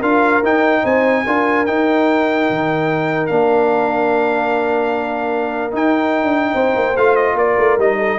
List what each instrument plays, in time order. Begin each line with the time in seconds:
0.00 tuba D4, trombone F4, horn A#4, trumpet F5
0.43 tuba D#4, trombone D#4, trumpet G5
0.83 tuba C4, horn C5, trumpet G#5
1.26 tuba D4, trombone F4, horn A#4
1.66 trombone D#4, tuba D#4, trumpet G5
2.50 tuba D#3
3.27 tuba A#3, trombone D4, trumpet F5
5.72 trombone D#4, tuba D#4, trumpet G5
6.23 tuba D4
6.54 tuba C4, horn C5
6.76 tuba A#3
6.97 tuba A3, trombone F4, trumpet F5
7.16 trumpet D#5
7.35 tuba A#3, horn A#4, trumpet D5
7.58 tuba A3
7.78 tuba G3, trombone D#4, trumpet D#5
7.98 horn A4